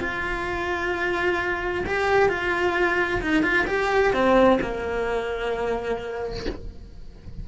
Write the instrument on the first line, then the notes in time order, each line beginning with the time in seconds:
cello
0.00 F4
1.87 G4
2.29 F4
3.22 D#4
3.43 F4
3.67 G4
4.14 C4
4.62 A#3